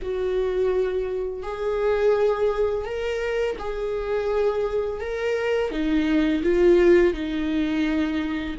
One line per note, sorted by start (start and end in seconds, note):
0.02 1.43 F#4
1.43 2.85 G#4
2.85 3.56 A#4
3.58 5.00 G#4
5.00 5.71 A#4
5.71 6.42 D#4
6.43 7.13 F4
7.13 8.56 D#4